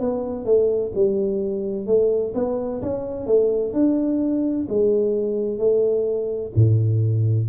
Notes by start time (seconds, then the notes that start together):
0.00 B3
0.45 A3
0.95 G3
1.86 A3
2.34 B3
2.82 C#4
3.26 A3
3.73 D4
4.69 G#3
5.58 A3
6.55 A2